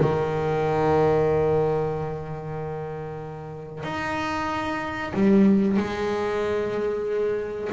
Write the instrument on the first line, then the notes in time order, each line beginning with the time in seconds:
double bass
0.00 D#3
3.84 D#4
5.14 G3
5.77 G#3